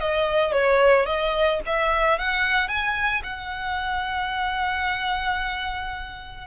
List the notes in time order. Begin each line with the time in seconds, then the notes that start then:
0.00 D#5
0.52 C#5
1.06 D#5
1.66 E5
2.19 F#5
2.68 G#5
3.23 F#5